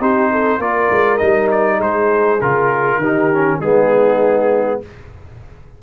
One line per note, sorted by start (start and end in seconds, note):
0.00 0.59 C4
0.00 0.60 D#4
0.00 0.31 G4
0.00 0.61 C5
0.31 0.59 A4
0.59 0.89 A#3
0.59 1.19 F4
0.59 1.77 A#4
0.59 1.18 D5
0.90 1.20 G#3
1.18 1.81 G3
1.18 2.39 D#4
1.18 1.48 D#5
1.51 1.81 D5
1.77 2.41 G#3
1.77 2.97 G#4
1.77 2.41 C5
2.41 2.97 C#3
2.41 3.02 F4
2.41 3.60 A#4
2.97 3.57 D#3
2.97 3.58 G4
3.04 3.33 D#4
3.33 3.62 C#4
3.58 4.80 G#3
3.58 4.83 B3
3.58 4.78 D#4
3.58 4.80 G#4